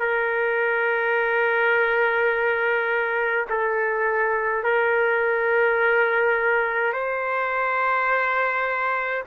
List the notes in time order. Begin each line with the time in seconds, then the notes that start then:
0.00 A#4
3.50 A4
4.64 A#4
6.94 C5